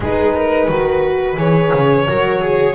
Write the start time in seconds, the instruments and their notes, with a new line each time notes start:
0.00 double bass G#3, horn D#4, viola G#4, violin B4
0.35 viola A#4
0.68 double bass D#3, horn F#4, viola B4
1.36 double bass E3, horn G#4, violin C#5
1.74 double bass C#3
2.07 double bass F#3, horn F#4, viola A#4
2.41 viola G#4